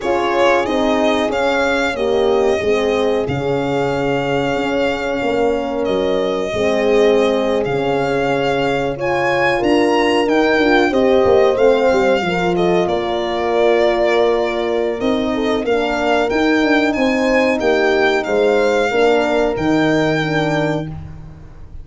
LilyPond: <<
  \new Staff \with { instrumentName = "violin" } { \time 4/4 \tempo 4 = 92 cis''4 dis''4 f''4 dis''4~ | dis''4 f''2.~ | f''4 dis''2~ dis''8. f''16~ | f''4.~ f''16 gis''4 ais''4 g''16~ |
g''8. dis''4 f''4. dis''8 d''16~ | d''2. dis''4 | f''4 g''4 gis''4 g''4 | f''2 g''2 | }
  \new Staff \with { instrumentName = "horn" } { \time 4/4 gis'2. g'4 | gis'1 | ais'2 gis'2~ | gis'4.~ gis'16 cis''4 ais'4~ ais'16~ |
ais'8. c''2 ais'8 a'8 ais'16~ | ais'2.~ ais'8 a'8 | ais'2 c''4 g'4 | c''4 ais'2. | }
  \new Staff \with { instrumentName = "horn" } { \time 4/4 f'4 dis'4 cis'4 ais4 | c'4 cis'2.~ | cis'2 c'4.~ c'16 cis'16~ | cis'4.~ cis'16 f'2 dis'16~ |
dis'16 f'8 g'4 c'4 f'4~ f'16~ | f'2. dis'4 | d'4 dis'2.~ | dis'4 d'4 dis'4 d'4 | }
  \new Staff \with { instrumentName = "tuba" } { \time 4/4 cis'4 c'4 cis'2 | gis4 cis2 cis'4 | ais4 fis4 gis4.~ gis16 cis16~ | cis2~ cis8. d'4 dis'16~ |
dis'16 d'8 c'8 ais8 a8 g8 f4 ais16~ | ais2. c'4 | ais4 dis'8 d'8 c'4 ais4 | gis4 ais4 dis2 | }
>>